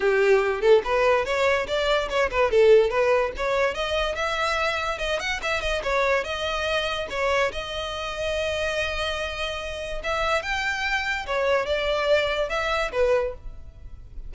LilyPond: \new Staff \with { instrumentName = "violin" } { \time 4/4 \tempo 4 = 144 g'4. a'8 b'4 cis''4 | d''4 cis''8 b'8 a'4 b'4 | cis''4 dis''4 e''2 | dis''8 fis''8 e''8 dis''8 cis''4 dis''4~ |
dis''4 cis''4 dis''2~ | dis''1 | e''4 g''2 cis''4 | d''2 e''4 b'4 | }